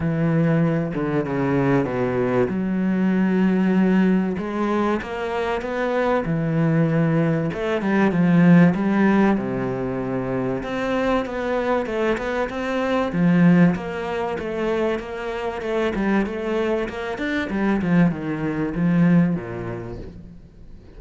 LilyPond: \new Staff \with { instrumentName = "cello" } { \time 4/4 \tempo 4 = 96 e4. d8 cis4 b,4 | fis2. gis4 | ais4 b4 e2 | a8 g8 f4 g4 c4~ |
c4 c'4 b4 a8 b8 | c'4 f4 ais4 a4 | ais4 a8 g8 a4 ais8 d'8 | g8 f8 dis4 f4 ais,4 | }